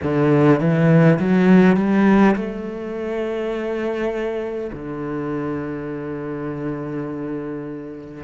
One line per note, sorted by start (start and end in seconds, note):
0.02 0.59 D3
0.59 1.18 E3
1.19 1.76 F#3
1.76 2.35 G3
2.35 4.71 A3
4.73 8.23 D3